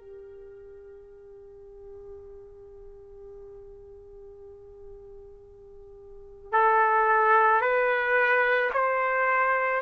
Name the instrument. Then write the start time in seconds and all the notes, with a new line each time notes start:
trumpet
0.00 G4
6.52 A4
7.61 B4
8.74 C5